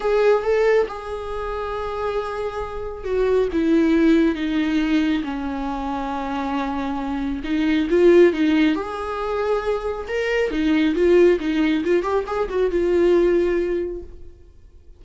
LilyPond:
\new Staff \with { instrumentName = "viola" } { \time 4/4 \tempo 4 = 137 gis'4 a'4 gis'2~ | gis'2. fis'4 | e'2 dis'2 | cis'1~ |
cis'4 dis'4 f'4 dis'4 | gis'2. ais'4 | dis'4 f'4 dis'4 f'8 g'8 | gis'8 fis'8 f'2. | }